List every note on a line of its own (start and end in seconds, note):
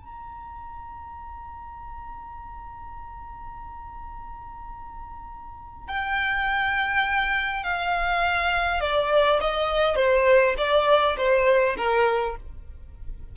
0.00 5.88 A#5
5.88 7.64 G5
7.64 8.81 F5
8.81 9.40 D5
9.41 9.96 D#5
9.96 10.55 C5
10.58 11.17 D5
11.18 11.76 C5
11.77 12.36 A#4